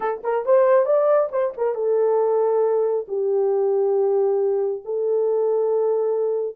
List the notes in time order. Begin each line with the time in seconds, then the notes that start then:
0.00 A4
0.23 A#4
0.45 C5
0.85 D5
1.31 C5
1.57 A#4
1.74 A4
3.08 G4
4.84 A4